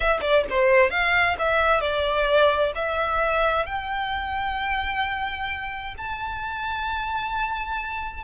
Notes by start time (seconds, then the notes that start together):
0.00 E5
0.21 D5
0.50 C5
0.90 F5
1.38 E5
1.80 D5
2.75 E5
3.66 G5
5.97 A5